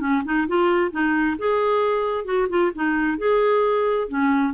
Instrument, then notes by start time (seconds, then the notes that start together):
clarinet
0.00 C#4
0.25 D#4
0.48 F4
0.91 D#4
1.39 G#4
2.25 F#4
2.49 F4
2.75 D#4
3.18 G#4
4.09 C#4